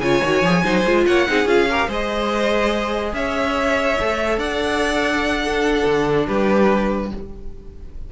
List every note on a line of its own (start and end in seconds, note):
0.00 0.21 C#3
0.00 0.23 F4
0.00 0.64 C#5
0.00 1.04 G#5
0.23 0.42 D#3
0.23 0.44 F#4
0.42 0.63 F3
0.42 0.64 G#4
0.64 0.85 F#3
0.64 0.85 D#4
0.64 1.05 C5
0.85 1.06 G#3
0.85 1.28 F4
1.06 1.28 A#3
1.06 1.28 C#5
1.06 1.48 F#5
1.28 1.45 C4
1.28 1.46 D#4
1.28 1.71 G#4
1.45 1.87 C#4
1.45 1.67 F4
1.45 1.90 F5
1.71 1.89 G4
1.71 1.88 A#4
1.88 3.13 G#3
1.88 3.98 G#4
1.88 3.13 C5
1.88 3.14 D#5
3.13 3.97 C#4
3.13 4.39 C#5
3.13 4.39 E5
4.00 4.37 A3
4.00 5.46 A4
4.37 5.83 D4
4.37 5.43 D5
4.37 6.26 F#5
5.45 7.12 D4
5.45 6.27 A4
5.86 6.28 D3
6.27 7.11 G3
6.27 7.10 G4
6.27 7.11 B4